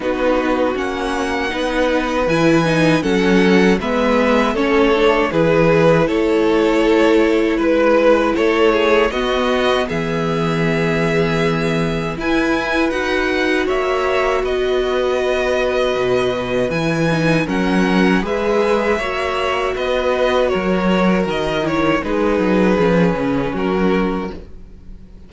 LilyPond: <<
  \new Staff \with { instrumentName = "violin" } { \time 4/4 \tempo 4 = 79 b'4 fis''2 gis''4 | fis''4 e''4 cis''4 b'4 | cis''2 b'4 cis''4 | dis''4 e''2. |
gis''4 fis''4 e''4 dis''4~ | dis''2 gis''4 fis''4 | e''2 dis''4 cis''4 | dis''8 cis''8 b'2 ais'4 | }
  \new Staff \with { instrumentName = "violin" } { \time 4/4 fis'2 b'2 | a'4 b'4 a'4 gis'4 | a'2 b'4 a'8 gis'8 | fis'4 gis'2. |
b'2 cis''4 b'4~ | b'2. ais'4 | b'4 cis''4 b'4 ais'4~ | ais'4 gis'2 fis'4 | }
  \new Staff \with { instrumentName = "viola" } { \time 4/4 dis'4 cis'4 dis'4 e'8 dis'8 | cis'4 b4 cis'8 d'8 e'4~ | e'1 | b1 |
e'4 fis'2.~ | fis'2 e'8 dis'8 cis'4 | gis'4 fis'2.~ | fis'8 e'8 dis'4 cis'2 | }
  \new Staff \with { instrumentName = "cello" } { \time 4/4 b4 ais4 b4 e4 | fis4 gis4 a4 e4 | a2 gis4 a4 | b4 e2. |
e'4 dis'4 ais4 b4~ | b4 b,4 e4 fis4 | gis4 ais4 b4 fis4 | dis4 gis8 fis8 f8 cis8 fis4 | }
>>